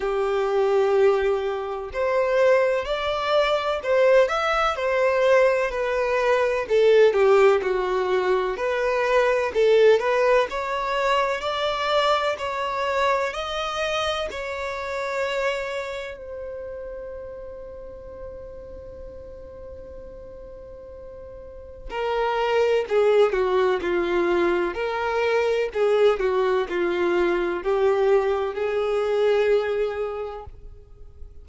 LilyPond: \new Staff \with { instrumentName = "violin" } { \time 4/4 \tempo 4 = 63 g'2 c''4 d''4 | c''8 e''8 c''4 b'4 a'8 g'8 | fis'4 b'4 a'8 b'8 cis''4 | d''4 cis''4 dis''4 cis''4~ |
cis''4 c''2.~ | c''2. ais'4 | gis'8 fis'8 f'4 ais'4 gis'8 fis'8 | f'4 g'4 gis'2 | }